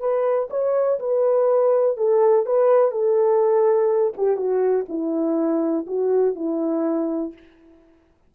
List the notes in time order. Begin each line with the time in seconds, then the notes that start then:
0.00 B4
0.50 C#5
0.99 B4
1.97 A4
2.46 B4
2.91 A4
4.17 G4
4.37 F#4
4.88 E4
5.86 F#4
6.35 E4